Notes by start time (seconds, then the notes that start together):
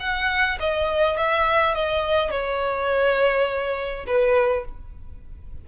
0.00 F#5
0.60 D#5
1.18 E5
1.75 D#5
2.31 C#5
4.07 B4